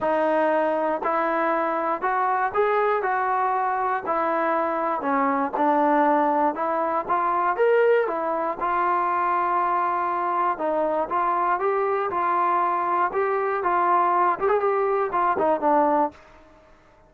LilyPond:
\new Staff \with { instrumentName = "trombone" } { \time 4/4 \tempo 4 = 119 dis'2 e'2 | fis'4 gis'4 fis'2 | e'2 cis'4 d'4~ | d'4 e'4 f'4 ais'4 |
e'4 f'2.~ | f'4 dis'4 f'4 g'4 | f'2 g'4 f'4~ | f'8 g'16 gis'16 g'4 f'8 dis'8 d'4 | }